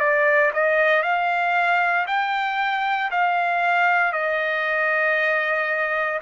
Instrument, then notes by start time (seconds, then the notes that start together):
trumpet
0.00 D5
0.54 D#5
1.03 F5
2.07 G5
3.11 F5
4.13 D#5